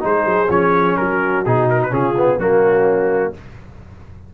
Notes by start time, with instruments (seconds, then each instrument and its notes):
0.00 tuba G#3, trombone D#4, horn G#4, trumpet C5
0.26 tuba F#3
0.50 tuba F3, trombone C#4, trumpet C#5
0.97 tuba F#3, horn F#4, trumpet A#4
1.46 tuba B2, trombone D#4, trumpet G#4
1.70 trumpet A#4
1.83 trumpet B4
1.91 tuba C#3, trombone C#4, horn F4, trumpet G#4
2.17 trombone B3
2.39 tuba F#3, trombone A#3, horn C#4, trumpet F#4